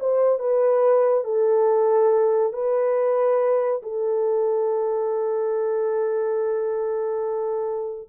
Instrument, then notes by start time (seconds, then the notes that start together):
horn
0.00 C5
0.39 B4
1.24 A4
2.53 B4
3.83 A4